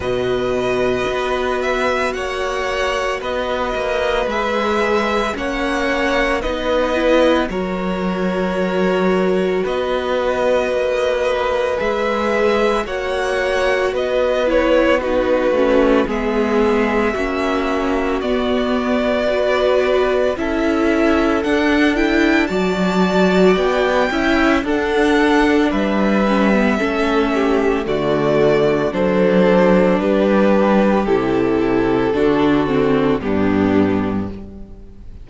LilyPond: <<
  \new Staff \with { instrumentName = "violin" } { \time 4/4 \tempo 4 = 56 dis''4. e''8 fis''4 dis''4 | e''4 fis''4 dis''4 cis''4~ | cis''4 dis''2 e''4 | fis''4 dis''8 cis''8 b'4 e''4~ |
e''4 d''2 e''4 | fis''8 g''8 a''4 g''4 fis''4 | e''2 d''4 c''4 | b'4 a'2 g'4 | }
  \new Staff \with { instrumentName = "violin" } { \time 4/4 b'2 cis''4 b'4~ | b'4 cis''4 b'4 ais'4~ | ais'4 b'2. | cis''4 b'4 fis'4 gis'4 |
fis'2 b'4 a'4~ | a'4 d''4. e''8 a'4 | b'4 a'8 g'8 fis'4 a'4 | g'2 fis'4 d'4 | }
  \new Staff \with { instrumentName = "viola" } { \time 4/4 fis'1 | gis'4 cis'4 dis'8 e'8 fis'4~ | fis'2. gis'4 | fis'4. e'8 dis'8 cis'8 b4 |
cis'4 b4 fis'4 e'4 | d'8 e'8 fis'4. e'8 d'4~ | d'8 cis'16 b16 cis'4 a4 d'4~ | d'4 e'4 d'8 c'8 b4 | }
  \new Staff \with { instrumentName = "cello" } { \time 4/4 b,4 b4 ais4 b8 ais8 | gis4 ais4 b4 fis4~ | fis4 b4 ais4 gis4 | ais4 b4. a8 gis4 |
ais4 b2 cis'4 | d'4 fis4 b8 cis'8 d'4 | g4 a4 d4 fis4 | g4 c4 d4 g,4 | }
>>